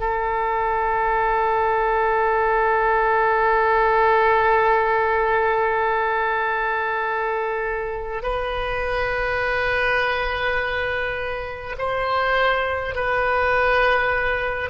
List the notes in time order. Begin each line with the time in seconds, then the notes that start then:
0.00 A4
8.23 B4
11.78 C5
12.95 B4